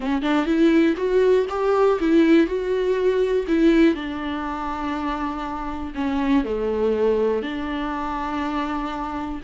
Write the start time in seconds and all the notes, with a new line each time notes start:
0.00 C#4
0.22 D4
0.45 E4
0.96 F#4
1.49 G4
2.00 E4
2.46 F#4
3.47 E4
3.94 D4
5.94 C#4
6.44 A3
7.42 D4